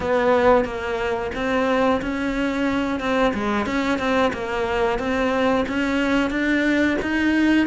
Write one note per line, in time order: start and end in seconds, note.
0.00 0.64 B3
0.64 1.31 A#3
1.34 2.01 C4
2.01 3.00 C#4
3.00 3.33 C4
3.34 3.66 G#3
3.66 3.98 C#4
3.98 4.32 C4
4.33 4.98 A#3
4.98 5.65 C4
5.68 6.30 C#4
6.30 6.97 D4
7.02 7.66 D#4